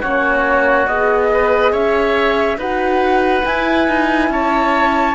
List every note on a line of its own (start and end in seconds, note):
0.00 0.87 A#3
0.00 0.87 C#4
0.00 1.29 F#4
0.00 0.87 C#5
0.87 1.72 B3
0.87 2.59 G#4
0.87 1.73 D#5
1.33 1.72 B4
1.72 2.57 C#4
1.72 2.58 C#5
1.72 2.59 E5
2.57 3.43 D#4
2.57 3.44 F#4
2.57 4.30 B4
2.57 3.46 F#5
3.44 5.14 E4
3.44 3.88 E4
3.44 4.31 G#5
3.88 4.29 D#4
4.29 5.14 C#4
4.29 5.14 C#5
4.29 5.14 A5